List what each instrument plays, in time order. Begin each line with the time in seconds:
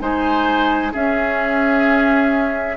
0.00 bassoon G#3, clarinet D#4, oboe C5, flute G#5
0.92 clarinet C#4, bassoon C#4, oboe G#4, flute E5